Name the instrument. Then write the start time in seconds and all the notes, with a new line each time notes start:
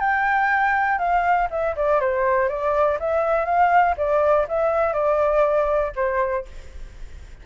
flute
0.00 G5
0.99 F5
1.51 E5
1.76 D5
2.01 C5
2.49 D5
3.00 E5
3.46 F5
3.97 D5
4.49 E5
4.93 D5
5.96 C5